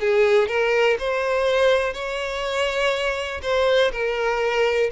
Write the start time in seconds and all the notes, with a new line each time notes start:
0.00 G#4
0.48 A#4
0.98 C5
1.93 C#5
3.42 C5
3.92 A#4